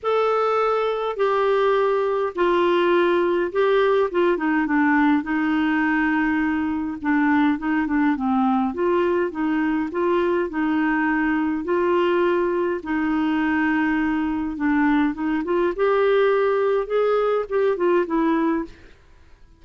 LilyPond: \new Staff \with { instrumentName = "clarinet" } { \time 4/4 \tempo 4 = 103 a'2 g'2 | f'2 g'4 f'8 dis'8 | d'4 dis'2. | d'4 dis'8 d'8 c'4 f'4 |
dis'4 f'4 dis'2 | f'2 dis'2~ | dis'4 d'4 dis'8 f'8 g'4~ | g'4 gis'4 g'8 f'8 e'4 | }